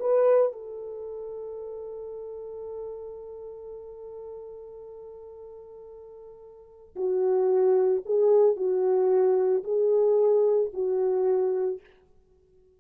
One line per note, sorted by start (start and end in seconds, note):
0.00 0.53 B4
0.53 6.96 A4
6.96 8.03 F#4
8.06 8.56 G#4
8.56 9.64 F#4
9.64 10.71 G#4
10.73 11.81 F#4